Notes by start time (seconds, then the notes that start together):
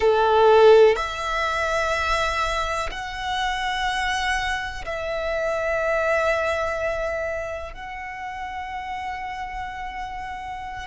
0.00 A4
0.96 E5
2.91 F#5
4.85 E5
7.73 F#5